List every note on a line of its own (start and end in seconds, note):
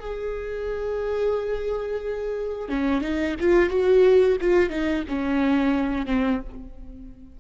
0.00 2.69 G#4
2.69 3.02 C#4
3.02 3.35 D#4
3.40 3.70 F4
3.70 4.37 F#4
4.41 4.70 F4
4.70 5.03 D#4
5.08 6.06 C#4
6.06 6.40 C4